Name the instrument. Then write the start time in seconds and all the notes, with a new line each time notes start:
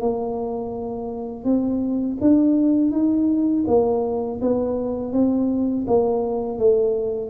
tuba
0.00 A#3
1.45 C4
2.21 D4
2.91 D#4
3.67 A#3
4.41 B3
5.13 C4
5.87 A#3
6.59 A3